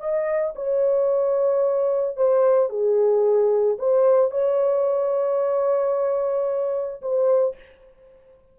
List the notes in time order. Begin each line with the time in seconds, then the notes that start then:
0.00 D#5
0.56 C#5
2.17 C5
2.70 G#4
3.79 C5
4.31 C#5
7.02 C5